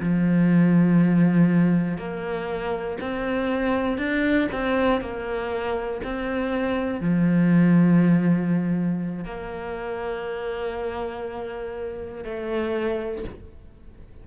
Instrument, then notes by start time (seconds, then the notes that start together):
cello
0.00 F3
1.98 A#3
3.00 C4
3.98 D4
4.52 C4
5.00 A#3
6.03 C4
7.00 F3
9.24 A#3
12.24 A3